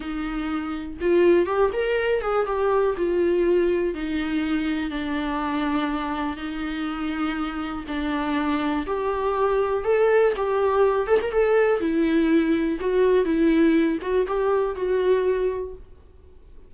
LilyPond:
\new Staff \with { instrumentName = "viola" } { \time 4/4 \tempo 4 = 122 dis'2 f'4 g'8 ais'8~ | ais'8 gis'8 g'4 f'2 | dis'2 d'2~ | d'4 dis'2. |
d'2 g'2 | a'4 g'4. a'16 ais'16 a'4 | e'2 fis'4 e'4~ | e'8 fis'8 g'4 fis'2 | }